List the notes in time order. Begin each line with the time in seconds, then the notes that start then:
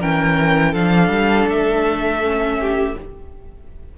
0.00 E3 C#4 A#4 G5
0.72 F3 D4 A4 F5
1.09 G3
1.47 A3 E5
2.23 C#4
2.60 G4